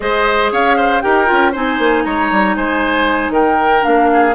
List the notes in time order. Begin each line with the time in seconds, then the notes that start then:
0.00 G#3 G#4 C5 D#5
0.51 C#4 C#5 F5
0.76 C5
1.01 D#4 G4 A#4 G5
1.26 C#4 F4
1.51 C4 D#4 C5 G#5
1.78 A#3
2.03 G#3 C#5 A#5
2.31 G3
2.55 G#3 C5 G#5
3.29 D#3 A#4 G5
3.81 A#3 D4 F5
4.12 G#4